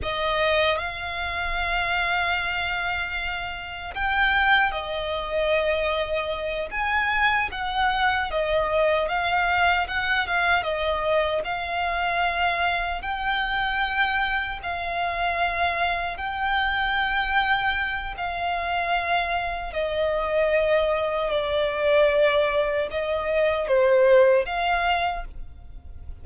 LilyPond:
\new Staff \with { instrumentName = "violin" } { \time 4/4 \tempo 4 = 76 dis''4 f''2.~ | f''4 g''4 dis''2~ | dis''8 gis''4 fis''4 dis''4 f''8~ | f''8 fis''8 f''8 dis''4 f''4.~ |
f''8 g''2 f''4.~ | f''8 g''2~ g''8 f''4~ | f''4 dis''2 d''4~ | d''4 dis''4 c''4 f''4 | }